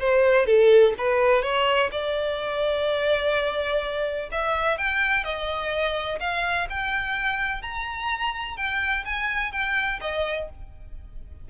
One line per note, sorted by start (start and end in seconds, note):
0.00 0.46 C5
0.46 0.94 A4
0.98 1.43 B4
1.43 1.90 C#5
1.92 4.30 D5
4.32 4.78 E5
4.78 5.24 G5
5.24 6.19 D#5
6.20 6.68 F5
6.70 7.62 G5
7.62 8.57 A#5
8.57 9.05 G5
9.06 9.52 G#5
9.52 10.00 G5
10.01 10.49 D#5